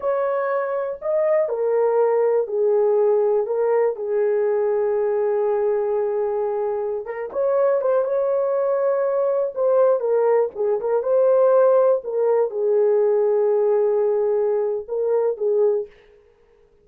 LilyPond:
\new Staff \with { instrumentName = "horn" } { \time 4/4 \tempo 4 = 121 cis''2 dis''4 ais'4~ | ais'4 gis'2 ais'4 | gis'1~ | gis'2~ gis'16 ais'8 cis''4 c''16~ |
c''16 cis''2. c''8.~ | c''16 ais'4 gis'8 ais'8 c''4.~ c''16~ | c''16 ais'4 gis'2~ gis'8.~ | gis'2 ais'4 gis'4 | }